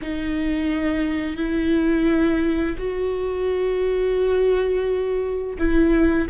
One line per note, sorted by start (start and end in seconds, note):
0.01 1.36 D#4
1.36 2.76 E4
2.77 5.57 F#4
5.58 6.28 E4